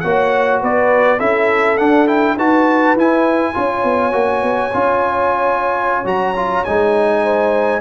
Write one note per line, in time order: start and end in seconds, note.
0.00 0.63 A#3
0.00 1.19 F#4
0.00 0.61 C#5
0.00 0.59 F#5
0.61 1.20 B3
0.61 1.18 B4
0.61 1.20 D5
1.18 1.78 C#4
1.18 1.78 E4
1.18 2.36 A4
1.18 1.78 E5
1.78 2.06 D4
1.78 2.37 D4
1.78 2.07 F#5
2.06 2.36 E4
2.06 2.37 G5
2.36 2.95 D#4
2.36 2.97 F#4
2.36 3.54 B4
2.36 2.98 A5
2.95 3.54 E4
2.95 6.07 G#5
3.54 3.84 C#4
3.54 4.12 F4
3.54 7.23 C#5
3.84 4.13 B3
4.12 4.42 A#3
4.12 4.71 F#4
4.42 4.72 B3
4.73 6.05 C#4
4.73 6.05 F4
6.05 6.64 F#3
6.05 6.34 F#4
6.05 6.64 A#5
6.36 6.66 F4
6.64 7.81 G#3
6.64 7.81 D#4
6.64 7.81 G#5
7.23 7.81 C5